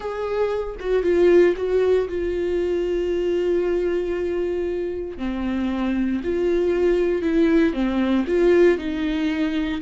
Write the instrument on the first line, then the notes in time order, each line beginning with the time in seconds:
viola
0.00 G#4
0.79 F#4
1.03 F4
1.56 F#4
2.08 F4
5.17 C4
6.23 F4
7.22 E4
7.73 C4
8.27 F4
8.77 D#4